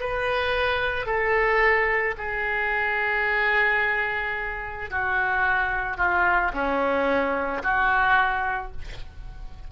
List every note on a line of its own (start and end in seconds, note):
0.00 1.06 B4
1.06 2.15 A4
2.18 4.90 G#4
4.90 5.97 F#4
5.97 6.52 F4
6.53 7.62 C#4
7.63 8.72 F#4